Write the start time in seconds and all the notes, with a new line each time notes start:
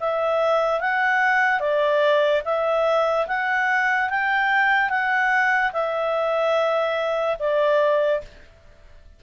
0.00 E5
0.80 F#5
1.60 D5
2.45 E5
3.27 F#5
4.09 G5
4.89 F#5
5.73 E5
7.39 D5